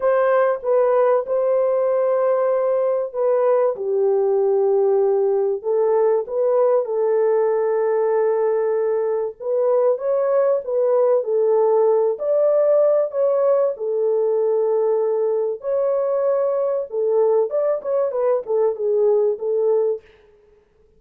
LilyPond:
\new Staff \with { instrumentName = "horn" } { \time 4/4 \tempo 4 = 96 c''4 b'4 c''2~ | c''4 b'4 g'2~ | g'4 a'4 b'4 a'4~ | a'2. b'4 |
cis''4 b'4 a'4. d''8~ | d''4 cis''4 a'2~ | a'4 cis''2 a'4 | d''8 cis''8 b'8 a'8 gis'4 a'4 | }